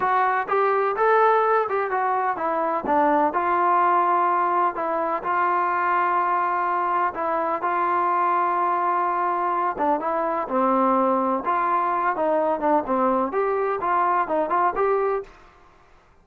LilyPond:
\new Staff \with { instrumentName = "trombone" } { \time 4/4 \tempo 4 = 126 fis'4 g'4 a'4. g'8 | fis'4 e'4 d'4 f'4~ | f'2 e'4 f'4~ | f'2. e'4 |
f'1~ | f'8 d'8 e'4 c'2 | f'4. dis'4 d'8 c'4 | g'4 f'4 dis'8 f'8 g'4 | }